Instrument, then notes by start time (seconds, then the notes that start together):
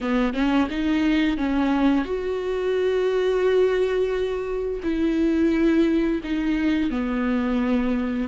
viola
0.00 B3
0.33 C#4
0.70 D#4
1.37 C#4
2.04 F#4
4.83 E4
6.23 D#4
6.90 B3